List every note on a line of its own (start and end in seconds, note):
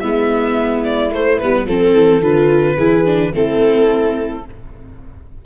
0.00 1.13 G#3
0.00 1.12 B3
0.00 1.65 E4
0.00 0.83 E5
0.85 1.12 D5
1.12 1.39 A3
1.12 1.41 A3
1.12 1.39 C5
1.39 1.66 G3
1.39 1.68 B3
1.39 1.67 B4
1.66 1.93 F3
1.66 2.22 C4
1.66 2.23 A4
1.66 2.78 A4
1.94 2.21 E3
2.21 2.76 D3
2.21 2.77 F4
2.21 3.33 B4
2.77 3.32 E3
2.77 3.06 E4
2.77 3.33 G#4
3.06 3.33 D4
3.33 4.44 A3
3.33 4.44 C4
3.33 4.45 E4
3.33 4.46 A4